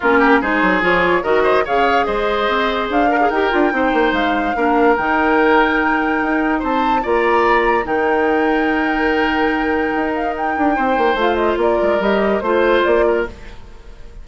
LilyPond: <<
  \new Staff \with { instrumentName = "flute" } { \time 4/4 \tempo 4 = 145 ais'4 c''4 cis''4 dis''4 | f''4 dis''2 f''4 | g''2 f''2 | g''1 |
a''4 ais''2 g''4~ | g''1~ | g''8 f''8 g''2 f''8 dis''8 | d''4 dis''4 c''4 d''4 | }
  \new Staff \with { instrumentName = "oboe" } { \time 4/4 f'8 g'8 gis'2 ais'8 c''8 | cis''4 c''2~ c''8 ais'8~ | ais'4 c''2 ais'4~ | ais'1 |
c''4 d''2 ais'4~ | ais'1~ | ais'2 c''2 | ais'2 c''4. ais'8 | }
  \new Staff \with { instrumentName = "clarinet" } { \time 4/4 cis'4 dis'4 f'4 fis'4 | gis'2.~ gis'8 ais'16 gis'16 | g'8 f'8 dis'2 d'4 | dis'1~ |
dis'4 f'2 dis'4~ | dis'1~ | dis'2. f'4~ | f'4 g'4 f'2 | }
  \new Staff \with { instrumentName = "bassoon" } { \time 4/4 ais4 gis8 fis8 f4 dis4 | cis4 gis4 c'4 d'4 | dis'8 d'8 c'8 ais8 gis4 ais4 | dis2. dis'4 |
c'4 ais2 dis4~ | dis1 | dis'4. d'8 c'8 ais8 a4 | ais8 gis8 g4 a4 ais4 | }
>>